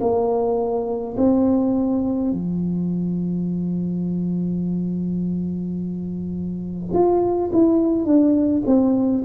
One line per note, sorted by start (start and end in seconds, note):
0.00 1.15 A#3
1.16 2.31 C4
2.31 6.93 F3
6.93 7.51 F4
7.52 8.05 E4
8.05 8.62 D4
8.66 9.24 C4